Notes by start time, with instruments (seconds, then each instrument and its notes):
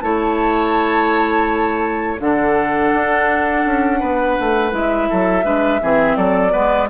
0.00 bassoon A3, clarinet E4, oboe C#5, flute A5
2.19 bassoon D3, clarinet D4, oboe A4, flute F#5
2.94 bassoon D4
3.65 bassoon C#4
3.99 bassoon B3, oboe B4
4.40 bassoon A3
4.71 bassoon G#3, clarinet E4, flute E5
5.09 bassoon F#3, oboe A4
5.43 bassoon G#3, clarinet D4, oboe B4
5.82 bassoon E3, clarinet C4, oboe G#4
6.16 bassoon F#3, oboe A4, flute D5
6.50 bassoon G#3, clarinet B3, oboe B4